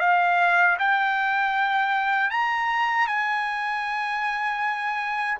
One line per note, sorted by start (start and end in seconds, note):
0.00 0.77 F5
0.79 2.30 G5
2.30 3.07 A#5
3.07 5.38 G#5